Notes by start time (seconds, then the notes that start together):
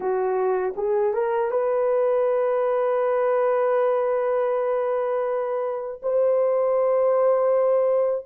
0.00 F#4
0.76 G#4
1.13 A#4
1.50 B4
6.02 C5